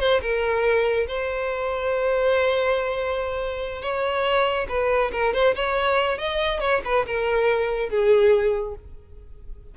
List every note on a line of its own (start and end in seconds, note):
0.00 0.21 C5
0.22 1.07 A#4
1.08 3.82 C5
3.82 4.67 C#5
4.69 5.12 B4
5.13 5.34 A#4
5.34 5.55 C5
5.56 6.18 C#5
6.18 6.60 D#5
6.60 6.82 C#5
6.85 7.06 B4
7.07 7.90 A#4
7.90 8.75 G#4